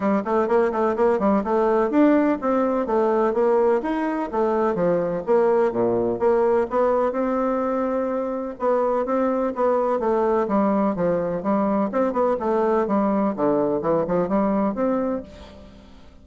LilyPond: \new Staff \with { instrumentName = "bassoon" } { \time 4/4 \tempo 4 = 126 g8 a8 ais8 a8 ais8 g8 a4 | d'4 c'4 a4 ais4 | dis'4 a4 f4 ais4 | ais,4 ais4 b4 c'4~ |
c'2 b4 c'4 | b4 a4 g4 f4 | g4 c'8 b8 a4 g4 | d4 e8 f8 g4 c'4 | }